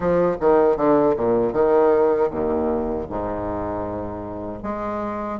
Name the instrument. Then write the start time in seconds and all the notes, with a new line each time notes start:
bassoon
0.00 F3
0.40 D#3
0.76 D3
1.16 A#2
1.52 D#3
2.30 D#2
3.09 G#2
4.63 G#3